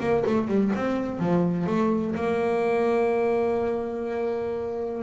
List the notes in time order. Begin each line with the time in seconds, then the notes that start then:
0.00 A#3
0.26 A3
0.48 G3
0.76 C4
1.19 F3
1.66 A3
2.15 A#3